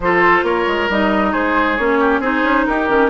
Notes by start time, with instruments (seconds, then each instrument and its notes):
0.00 bassoon F3, clarinet F4, oboe A4, flute C5
0.43 bassoon A#3, oboe A#4, flute C#5
0.67 bassoon G#3
0.89 bassoon G3, clarinet D#4, flute D#5
1.31 bassoon G#3, oboe G#4, flute C5
1.76 bassoon A#3, clarinet C#4, flute C#5
2.00 oboe G4
2.19 bassoon C4, clarinet D#4, oboe G#4, flute C5
2.43 bassoon C#4
2.66 bassoon D#4, oboe G4, flute A#4
2.88 bassoon D#3, clarinet C#4